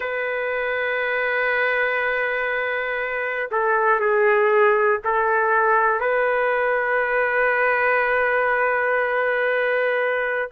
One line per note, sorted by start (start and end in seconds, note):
0.00 3.49 B4
3.50 4.00 A4
4.00 5.00 G#4
5.04 6.00 A4
6.00 10.50 B4